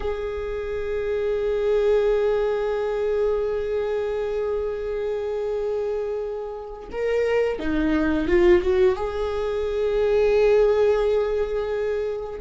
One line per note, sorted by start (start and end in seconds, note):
0.00 6.88 G#4
6.91 7.59 A#4
7.59 8.28 D#4
8.28 8.62 F4
8.62 8.95 F#4
8.95 12.40 G#4